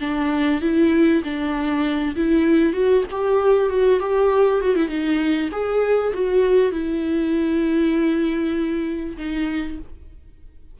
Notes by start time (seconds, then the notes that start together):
0.00 D4
0.61 E4
1.24 D4
2.16 E4
2.73 F#4
3.11 G4
3.69 F#4
4.00 G4
4.61 F#4
4.75 E4
4.88 D#4
5.52 G#4
6.13 F#4
6.72 E4
9.17 D#4